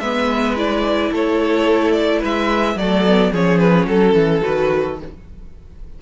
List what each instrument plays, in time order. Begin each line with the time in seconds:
0.00 cello G#3, viola B3, violin B4 E5
0.57 viola E4, violin D5
1.12 cello A3, violin A4 C#5
1.93 violin D5
2.20 cello G#3, violin B4 E5
2.76 cello F#3, viola A3, violin A4 D5
3.06 viola B3
3.32 cello F3, viola C#4, violin G#4 C#5
3.59 violin B4
3.87 cello F#3, violin A4
4.15 cello E3
4.43 cello D#3, viola F#4, violin B4